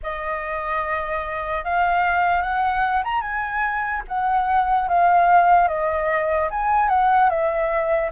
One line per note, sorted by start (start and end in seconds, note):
0.02 1.64 D#5
1.64 2.41 F5
2.41 3.02 F#5
3.04 3.21 A#5
3.21 4.02 G#5
4.08 4.88 F#5
4.88 5.68 F5
5.68 6.49 D#5
6.50 6.88 G#5
6.88 7.29 F#5
7.29 8.10 E5